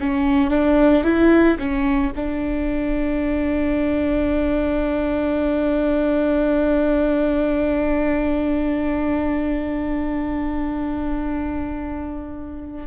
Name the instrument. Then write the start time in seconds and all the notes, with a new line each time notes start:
viola
0.00 C#4
0.50 D4
1.04 E4
1.59 C#4
2.16 D4